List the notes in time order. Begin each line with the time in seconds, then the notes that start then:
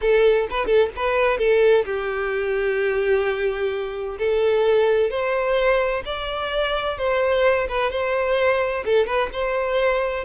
0.01 A4
0.50 B4
0.66 A4
0.95 B4
1.38 A4
1.85 G4
4.18 A4
5.10 C5
6.05 D5
6.97 C5
7.68 B4
7.91 C5
8.85 A4
9.06 B4
9.32 C5